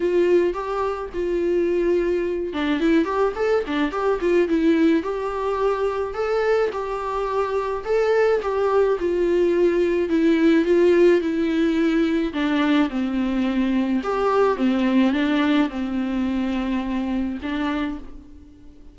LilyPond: \new Staff \with { instrumentName = "viola" } { \time 4/4 \tempo 4 = 107 f'4 g'4 f'2~ | f'8 d'8 e'8 g'8 a'8 d'8 g'8 f'8 | e'4 g'2 a'4 | g'2 a'4 g'4 |
f'2 e'4 f'4 | e'2 d'4 c'4~ | c'4 g'4 c'4 d'4 | c'2. d'4 | }